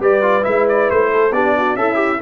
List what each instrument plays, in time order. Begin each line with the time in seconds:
0.00 tuba G3, trombone G4, horn B4, trumpet D5
0.22 trombone F4
0.42 tuba G#3, trombone E4, trumpet E5
0.69 trumpet D5
0.90 tuba A3, trumpet C5
1.12 horn A4
1.32 tuba B3, trombone D4, horn G4, trumpet D5
1.58 horn F#4
1.75 tuba C#4, horn E4, trombone A4, trumpet E5
1.95 trombone G4